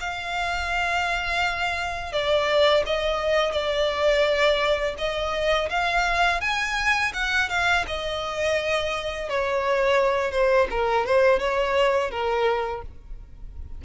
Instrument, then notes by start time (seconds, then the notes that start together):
violin
0.00 F5
2.12 D5
2.86 D#5
3.52 D5
4.98 D#5
5.70 F5
6.41 G#5
7.14 F#5
7.49 F5
7.87 D#5
9.29 C#5
10.32 C5
10.70 A#4
11.06 C5
11.39 C#5
12.11 A#4